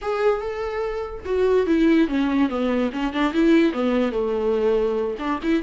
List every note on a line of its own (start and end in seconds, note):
0.01 0.41 G#4
0.41 1.24 A4
1.25 1.66 F#4
1.66 2.08 E4
2.08 2.49 C#4
2.49 2.90 B3
2.92 3.12 C#4
3.12 3.33 D4
3.33 3.72 E4
3.72 4.12 B3
4.12 5.16 A3
5.18 5.39 D4
5.43 5.62 E4